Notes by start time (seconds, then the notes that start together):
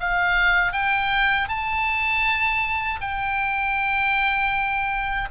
0.00 F5
0.72 G5
1.48 A5
3.00 G5